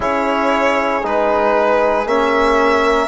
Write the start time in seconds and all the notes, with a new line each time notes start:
0.00 C#4 E4 G#4 C#5
1.02 G#3 D#4 B4
2.05 A#3 C#4 E5
2.84 A#4